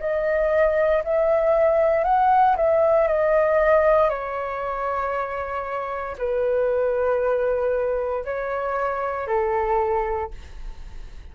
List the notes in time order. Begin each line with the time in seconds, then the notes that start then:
0.00 D#5
1.04 E5
2.05 F#5
2.57 E5
3.08 D#5
4.10 C#5
6.18 B4
8.25 C#5
9.28 A4